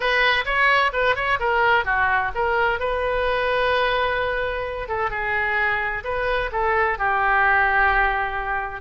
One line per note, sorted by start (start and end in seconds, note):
0.00 0.44 B4
0.45 0.91 C#5
0.92 1.15 B4
1.15 1.38 C#5
1.39 1.85 A#4
1.85 2.31 F#4
2.34 2.79 A#4
2.79 4.88 B4
4.88 5.10 A4
5.10 6.03 G#4
6.03 6.50 B4
6.52 6.98 A4
6.98 8.81 G4